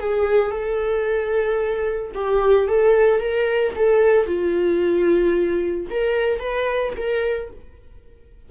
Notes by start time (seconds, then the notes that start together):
0.00 G#4
0.51 A4
2.15 G4
2.68 A4
3.20 A#4
3.76 A4
4.26 F4
5.90 A#4
6.40 B4
6.97 A#4